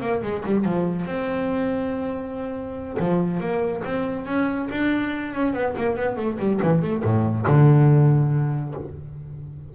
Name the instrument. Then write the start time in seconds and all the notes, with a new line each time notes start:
double bass
0.00 A#3
0.22 G#3
0.45 G3
0.64 F3
1.05 C4
2.99 F3
3.40 A#3
3.84 C4
4.26 C#4
4.70 D4
5.34 C#4
5.53 B3
5.77 A#3
5.96 B3
6.16 A3
6.39 G3
6.62 E3
6.81 A3
7.03 A2
7.46 D3